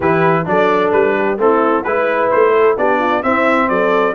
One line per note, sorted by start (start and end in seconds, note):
0.00 0.46 E3
0.00 0.45 E4
0.00 0.45 G4
0.00 0.47 B4
0.45 0.92 F#3
0.45 1.37 D4
0.45 1.17 A4
0.45 0.91 D5
0.91 1.37 G3
0.91 1.38 B4
1.17 1.40 G4
1.37 1.83 A3
1.37 1.84 C4
1.37 1.85 E4
1.37 1.83 A4
1.83 2.31 G#3
1.83 2.77 E4
1.83 2.29 B4
1.83 2.52 B4
2.30 2.77 A3
2.30 2.77 C5
2.52 2.76 A4
2.77 3.23 B3
2.77 3.22 D4
2.77 2.99 G4
2.77 3.22 D5
2.99 3.22 F4
3.22 4.14 C4
3.22 3.69 C4
3.22 3.68 E4
3.22 3.68 E5
3.68 4.14 F#3
3.68 4.14 A4
3.68 4.14 D5